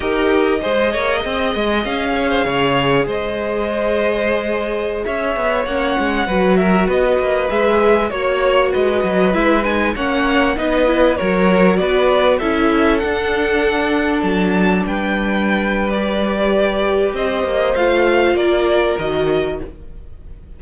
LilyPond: <<
  \new Staff \with { instrumentName = "violin" } { \time 4/4 \tempo 4 = 98 dis''2. f''4~ | f''4 dis''2.~ | dis''16 e''4 fis''4. e''8 dis''8.~ | dis''16 e''4 cis''4 dis''4 e''8 gis''16~ |
gis''16 fis''4 dis''4 cis''4 d''8.~ | d''16 e''4 fis''2 a''8.~ | a''16 g''4.~ g''16 d''2 | dis''4 f''4 d''4 dis''4 | }
  \new Staff \with { instrumentName = "violin" } { \time 4/4 ais'4 c''8 cis''8 dis''4. cis''16 c''16 | cis''4 c''2.~ | c''16 cis''2 b'8 ais'8 b'8.~ | b'4~ b'16 cis''4 b'4.~ b'16~ |
b'16 cis''4 b'4 ais'4 b'8.~ | b'16 a'2.~ a'8.~ | a'16 b'2.~ b'8. | c''2 ais'2 | }
  \new Staff \with { instrumentName = "viola" } { \time 4/4 g'4 gis'2.~ | gis'1~ | gis'4~ gis'16 cis'4 fis'4.~ fis'16~ | fis'16 gis'4 fis'2 e'8 dis'16~ |
dis'16 cis'4 dis'8 e'8 fis'4.~ fis'16~ | fis'16 e'4 d'2~ d'8.~ | d'2 g'2~ | g'4 f'2 fis'4 | }
  \new Staff \with { instrumentName = "cello" } { \time 4/4 dis'4 gis8 ais8 c'8 gis8 cis'4 | cis4 gis2.~ | gis16 cis'8 b8 ais8 gis8 fis4 b8 ais16~ | ais16 gis4 ais4 gis8 fis8 gis8.~ |
gis16 ais4 b4 fis4 b8.~ | b16 cis'4 d'2 fis8.~ | fis16 g2.~ g8. | c'8 ais8 a4 ais4 dis4 | }
>>